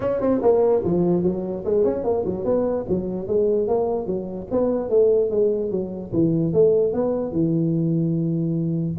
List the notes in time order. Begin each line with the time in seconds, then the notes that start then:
0.00 C#4
0.20 C4
0.42 A#3
0.84 F3
1.23 F#3
1.64 G#3
1.84 C#4
2.04 A#3
2.25 F#3
2.44 B3
2.88 F#3
3.27 G#3
3.67 A#3
4.06 F#3
4.51 B3
4.89 A3
5.30 G#3
5.70 F#3
6.13 E3
6.53 A3
6.93 B3
7.32 E3